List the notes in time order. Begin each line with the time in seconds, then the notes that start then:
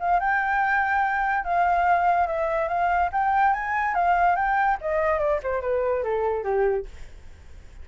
0.00 F5
0.20 G5
1.44 F5
2.27 E5
2.68 F5
3.12 G5
3.54 G#5
3.95 F5
4.36 G5
4.81 D#5
5.19 D5
5.43 C5
5.62 B4
6.04 A4
6.44 G4